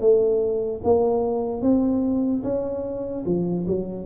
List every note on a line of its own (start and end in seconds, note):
0.00 0.81 A3
0.84 1.62 A#3
1.62 2.43 C4
2.43 3.24 C#4
3.26 3.66 F3
3.67 4.05 F#3